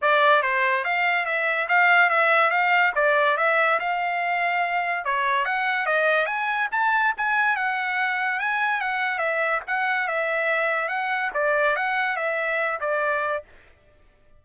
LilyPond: \new Staff \with { instrumentName = "trumpet" } { \time 4/4 \tempo 4 = 143 d''4 c''4 f''4 e''4 | f''4 e''4 f''4 d''4 | e''4 f''2. | cis''4 fis''4 dis''4 gis''4 |
a''4 gis''4 fis''2 | gis''4 fis''4 e''4 fis''4 | e''2 fis''4 d''4 | fis''4 e''4. d''4. | }